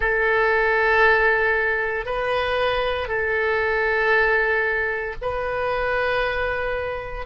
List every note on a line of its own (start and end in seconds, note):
0.00 2.05 A4
2.05 3.08 B4
3.08 5.14 A4
5.21 7.25 B4